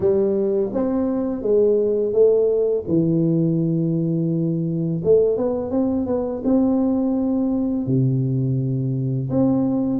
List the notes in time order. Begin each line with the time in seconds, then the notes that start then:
0.00 G3
0.73 C4
1.42 G#3
2.12 A3
2.87 E3
5.04 A3
5.37 B3
5.70 C4
6.06 B3
6.44 C4
7.86 C3
9.30 C4